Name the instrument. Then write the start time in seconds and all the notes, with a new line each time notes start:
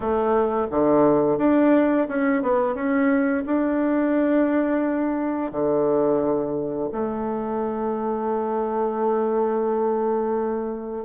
bassoon
0.00 A3
0.70 D3
1.38 D4
2.08 C#4
2.42 B3
2.75 C#4
3.45 D4
5.51 D3
6.92 A3